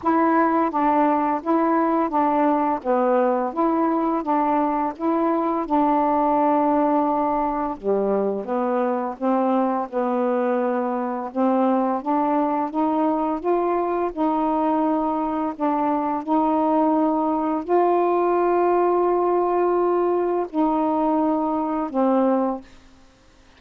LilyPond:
\new Staff \with { instrumentName = "saxophone" } { \time 4/4 \tempo 4 = 85 e'4 d'4 e'4 d'4 | b4 e'4 d'4 e'4 | d'2. g4 | b4 c'4 b2 |
c'4 d'4 dis'4 f'4 | dis'2 d'4 dis'4~ | dis'4 f'2.~ | f'4 dis'2 c'4 | }